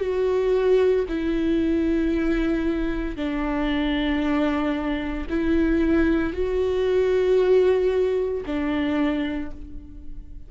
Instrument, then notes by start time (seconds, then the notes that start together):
viola
0.00 F#4
1.08 E4
3.16 D4
5.30 E4
6.33 F#4
8.46 D4